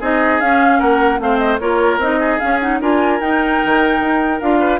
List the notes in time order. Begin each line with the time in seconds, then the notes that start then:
0.00 C4 D#4 G#4 D#5
0.40 C#4 F5
0.79 A#3 A#4 F#5
1.19 A3 C4 C5 F5
1.38 D#5
1.59 A#3 F4 A#4 C#5
1.98 C4 D#4 D#5
2.20 G#4
2.39 C#4 F5
2.60 D#4 F#5
2.81 D4 F4 A#4 G#5
3.20 D#4 G5
3.65 D#3
4.00 D#4
4.40 D4 F4 F5
4.60 B4